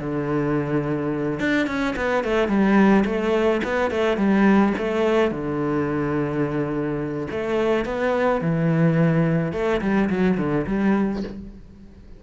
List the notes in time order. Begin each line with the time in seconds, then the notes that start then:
0.00 D3
1.40 D4
1.67 C#4
1.96 B3
2.24 A3
2.48 G3
3.05 A3
3.64 B3
3.90 A3
4.17 G3
4.78 A3
5.31 D3
7.31 A3
7.85 B3
8.41 E3
9.53 A3
9.81 G3
10.10 F#3
10.38 D3
10.67 G3